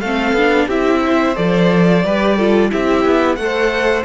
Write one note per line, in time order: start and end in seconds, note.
0.00 0.32 A3
0.00 0.37 C4
0.00 0.67 A4
0.00 0.67 F5
0.32 0.66 B3
0.32 0.70 D4
0.67 1.35 C4
0.67 1.35 E4
0.67 1.00 G4
0.67 1.36 E5
1.05 2.05 C5
1.35 2.04 F3
1.35 2.03 A4
1.35 2.71 D5
2.04 2.71 G3
2.04 2.38 G4
2.04 2.36 B4
2.36 2.70 F4
2.36 2.70 A4
2.70 3.05 C4
2.70 3.37 E4
2.70 3.38 G4
2.70 3.35 E5
3.05 3.37 B3
3.35 4.04 A3
3.35 4.04 A4
3.35 4.02 F#5
3.43 4.04 C5